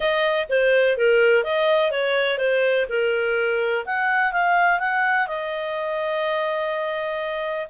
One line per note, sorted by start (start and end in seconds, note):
0.00 0.47 D#5
0.49 0.97 C5
0.97 1.43 A#4
1.43 1.91 D#5
1.91 2.38 C#5
2.38 2.86 C5
2.89 3.85 A#4
3.85 4.32 F#5
4.32 4.79 F5
4.79 5.27 F#5
5.27 7.67 D#5